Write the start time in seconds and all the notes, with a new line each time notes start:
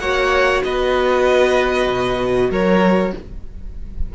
0.00 A#3 F#4 C#5 F#5
0.64 B3 B4 D#5
1.88 B2
2.51 F#3 A#4 C#5